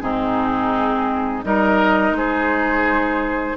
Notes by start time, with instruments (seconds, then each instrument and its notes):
0.00 bassoon G#2, clarinet C4, oboe D#4, flute G#4
1.43 bassoon G3, clarinet D#4, oboe A#4, flute D#5
2.11 bassoon G#3, oboe G#4, flute C5